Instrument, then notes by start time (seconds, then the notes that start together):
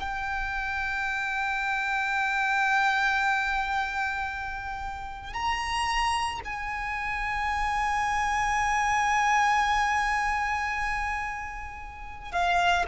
violin
0.00 G5
5.33 A#5
6.44 G#5
12.32 F5